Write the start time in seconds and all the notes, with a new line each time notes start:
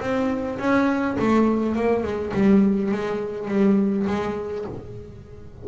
0.00 C4
0.59 C#4
1.19 A3
1.76 A#3
2.03 G#3
2.34 G3
2.92 G#3
3.48 G3
4.07 G#3